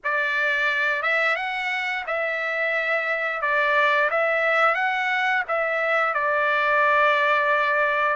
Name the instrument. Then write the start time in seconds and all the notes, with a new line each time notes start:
trumpet
0.03 D5
1.02 E5
1.36 F#5
2.06 E5
3.41 D5
4.10 E5
4.74 F#5
5.48 E5
6.14 D5